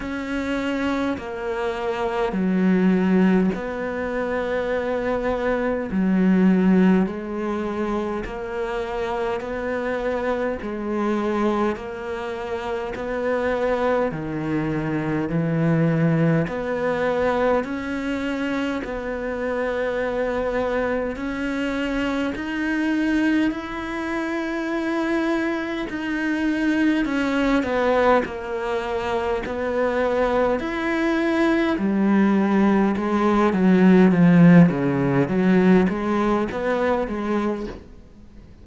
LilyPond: \new Staff \with { instrumentName = "cello" } { \time 4/4 \tempo 4 = 51 cis'4 ais4 fis4 b4~ | b4 fis4 gis4 ais4 | b4 gis4 ais4 b4 | dis4 e4 b4 cis'4 |
b2 cis'4 dis'4 | e'2 dis'4 cis'8 b8 | ais4 b4 e'4 g4 | gis8 fis8 f8 cis8 fis8 gis8 b8 gis8 | }